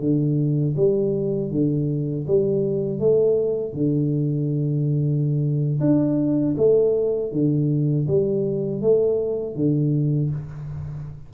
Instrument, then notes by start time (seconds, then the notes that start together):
tuba
0.00 D3
0.76 G3
1.51 D3
2.27 G3
2.99 A3
3.73 D3
5.80 D4
6.57 A3
7.32 D3
8.07 G3
8.81 A3
9.55 D3